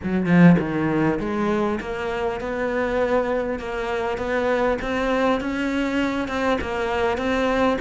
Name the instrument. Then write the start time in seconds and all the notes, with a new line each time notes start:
cello
0.03 F#3
0.26 F3
0.59 D#3
1.19 G#3
1.80 A#3
2.40 B3
3.59 A#3
4.17 B3
4.81 C4
5.40 C#4
6.28 C4
6.61 A#3
7.17 C4